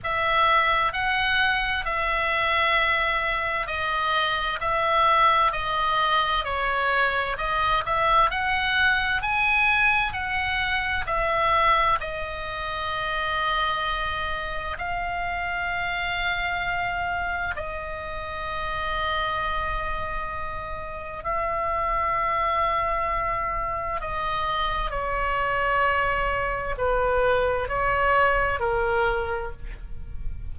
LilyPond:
\new Staff \with { instrumentName = "oboe" } { \time 4/4 \tempo 4 = 65 e''4 fis''4 e''2 | dis''4 e''4 dis''4 cis''4 | dis''8 e''8 fis''4 gis''4 fis''4 | e''4 dis''2. |
f''2. dis''4~ | dis''2. e''4~ | e''2 dis''4 cis''4~ | cis''4 b'4 cis''4 ais'4 | }